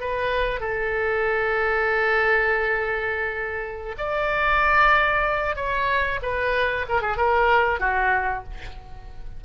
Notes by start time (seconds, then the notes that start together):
0.00 B4
0.60 A4
3.97 D5
5.56 C#5
6.22 B4
6.88 A#4
7.01 G#4
7.17 A#4
7.80 F#4